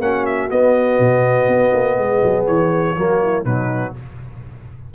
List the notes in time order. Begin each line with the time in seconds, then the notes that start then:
0.00 A#3 C#4 F#4 F#5
0.26 E5
0.50 B3 D#5
0.99 B2
1.48 B3
1.74 A#3
1.98 G#3 G#4
2.24 F#3
2.47 E3 C#5
2.96 F#3 A#3 F#4
3.22 E4
3.44 B2 F#3 D#4 B4